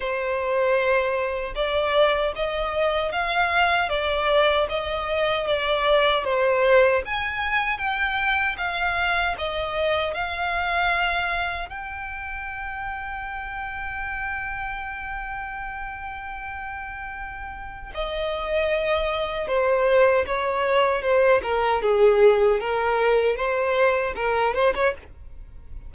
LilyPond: \new Staff \with { instrumentName = "violin" } { \time 4/4 \tempo 4 = 77 c''2 d''4 dis''4 | f''4 d''4 dis''4 d''4 | c''4 gis''4 g''4 f''4 | dis''4 f''2 g''4~ |
g''1~ | g''2. dis''4~ | dis''4 c''4 cis''4 c''8 ais'8 | gis'4 ais'4 c''4 ais'8 c''16 cis''16 | }